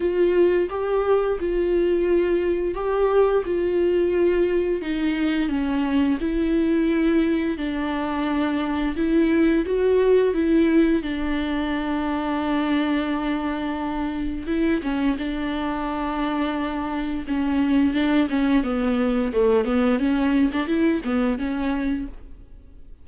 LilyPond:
\new Staff \with { instrumentName = "viola" } { \time 4/4 \tempo 4 = 87 f'4 g'4 f'2 | g'4 f'2 dis'4 | cis'4 e'2 d'4~ | d'4 e'4 fis'4 e'4 |
d'1~ | d'4 e'8 cis'8 d'2~ | d'4 cis'4 d'8 cis'8 b4 | a8 b8 cis'8. d'16 e'8 b8 cis'4 | }